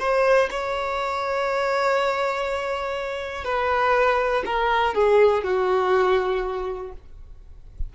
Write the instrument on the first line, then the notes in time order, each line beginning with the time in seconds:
violin
0.00 C5
0.51 C#5
3.45 B4
4.46 A#4
4.95 G#4
5.44 F#4